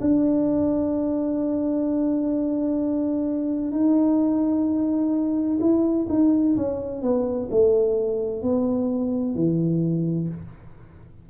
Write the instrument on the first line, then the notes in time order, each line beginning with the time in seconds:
tuba
0.00 D4
3.71 D#4
5.60 E4
6.09 D#4
6.56 C#4
7.02 B3
7.50 A3
8.42 B3
9.34 E3